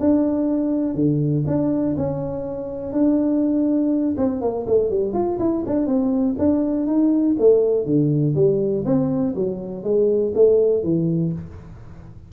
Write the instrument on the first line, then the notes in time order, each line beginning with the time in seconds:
tuba
0.00 D4
0.95 D3
1.47 D4
1.97 C#4
2.92 D4
4.17 C4
4.41 A#3
4.67 A3
4.90 G3
5.13 F4
5.39 E4
5.66 D4
5.86 C4
6.38 D4
6.87 D#4
7.39 A3
7.86 D3
8.35 G3
8.85 C4
9.35 F#3
9.84 G#3
10.35 A3
10.83 E3